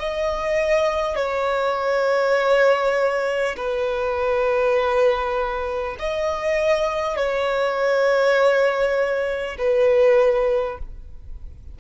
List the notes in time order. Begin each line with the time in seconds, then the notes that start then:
0.00 D#5
1.16 C#5
3.57 B4
5.99 D#5
7.17 C#5
9.58 B4